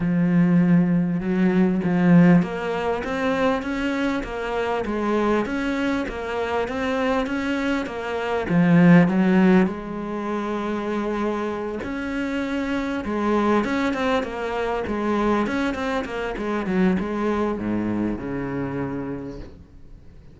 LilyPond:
\new Staff \with { instrumentName = "cello" } { \time 4/4 \tempo 4 = 99 f2 fis4 f4 | ais4 c'4 cis'4 ais4 | gis4 cis'4 ais4 c'4 | cis'4 ais4 f4 fis4 |
gis2.~ gis8 cis'8~ | cis'4. gis4 cis'8 c'8 ais8~ | ais8 gis4 cis'8 c'8 ais8 gis8 fis8 | gis4 gis,4 cis2 | }